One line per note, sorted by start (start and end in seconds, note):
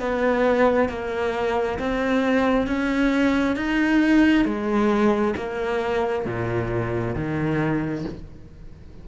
0.00 0.89 B3
0.89 1.79 A#3
1.79 2.67 C4
2.67 3.56 C#4
3.56 4.45 D#4
4.45 5.34 G#3
5.37 6.26 A#3
6.26 7.15 A#2
7.15 8.05 D#3